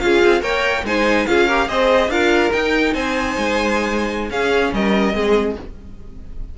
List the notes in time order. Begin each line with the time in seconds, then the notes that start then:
0.00 C#4 F4 G#4 F5
0.25 C4
0.41 A#3 A#4 C#5 G5
0.85 G#3 D#4 C5 G#5
1.27 C#4 F4 G#4 F5
1.47 G4 A#4
1.68 C4 G#4 C5 D#5
2.09 D4 F4 A#4 F5
2.53 D#4 G5
2.94 C4 C5 G#5
3.38 G#3
4.31 C#4 G#4 F5
4.73 G3 A#4 D#5
5.14 G#3 C4 G#4